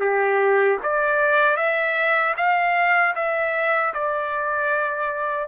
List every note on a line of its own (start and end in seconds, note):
0.00 0.78 G4
0.83 1.57 D5
1.57 2.34 E5
2.37 3.15 F5
3.16 3.94 E5
3.94 5.48 D5